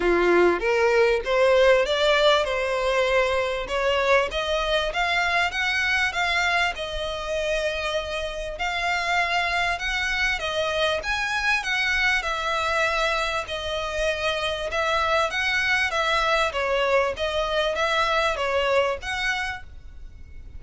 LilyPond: \new Staff \with { instrumentName = "violin" } { \time 4/4 \tempo 4 = 98 f'4 ais'4 c''4 d''4 | c''2 cis''4 dis''4 | f''4 fis''4 f''4 dis''4~ | dis''2 f''2 |
fis''4 dis''4 gis''4 fis''4 | e''2 dis''2 | e''4 fis''4 e''4 cis''4 | dis''4 e''4 cis''4 fis''4 | }